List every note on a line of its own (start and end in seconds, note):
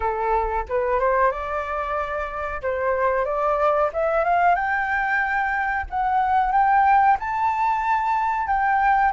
0.00 0.65 A4
0.68 0.99 B4
0.99 1.31 C5
1.31 2.61 D5
2.62 3.25 C5
3.25 3.90 D5
3.93 4.24 E5
4.24 4.55 F5
4.55 5.85 G5
5.90 6.52 F#5
6.52 7.17 G5
7.19 8.47 A5
8.47 9.12 G5